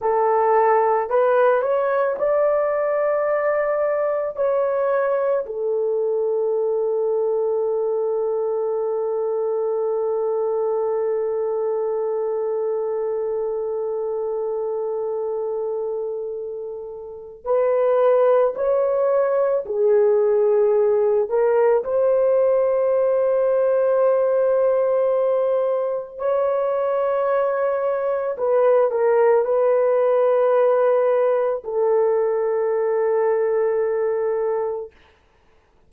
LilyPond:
\new Staff \with { instrumentName = "horn" } { \time 4/4 \tempo 4 = 55 a'4 b'8 cis''8 d''2 | cis''4 a'2.~ | a'1~ | a'1 |
b'4 cis''4 gis'4. ais'8 | c''1 | cis''2 b'8 ais'8 b'4~ | b'4 a'2. | }